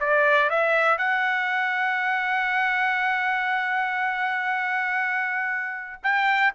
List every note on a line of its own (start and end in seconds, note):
0.00 0.50 D5
0.50 0.98 E5
0.98 6.02 F#5
6.03 6.54 G5